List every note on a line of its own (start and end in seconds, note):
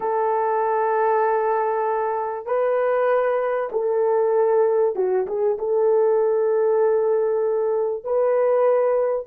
0.00 2.45 A4
2.45 3.69 B4
3.71 4.95 A4
4.95 5.26 F#4
5.26 5.57 G#4
5.58 8.04 A4
8.04 9.26 B4